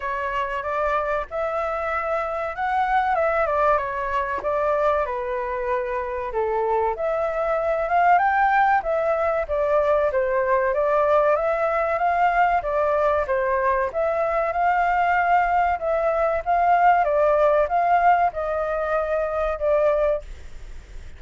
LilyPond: \new Staff \with { instrumentName = "flute" } { \time 4/4 \tempo 4 = 95 cis''4 d''4 e''2 | fis''4 e''8 d''8 cis''4 d''4 | b'2 a'4 e''4~ | e''8 f''8 g''4 e''4 d''4 |
c''4 d''4 e''4 f''4 | d''4 c''4 e''4 f''4~ | f''4 e''4 f''4 d''4 | f''4 dis''2 d''4 | }